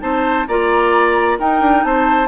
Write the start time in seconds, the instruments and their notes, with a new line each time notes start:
0.00 bassoon C4, clarinet D#4, oboe C5, flute A5
0.47 bassoon A#3, clarinet F4, oboe D5, flute A#5
1.39 bassoon D#4, clarinet D#4, oboe A#4, flute G5
1.61 bassoon D4
1.84 bassoon C4, oboe C5, flute A5